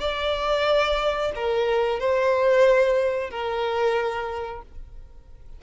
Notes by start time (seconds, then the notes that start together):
0.00 D5
1.35 A#4
1.99 C5
3.30 A#4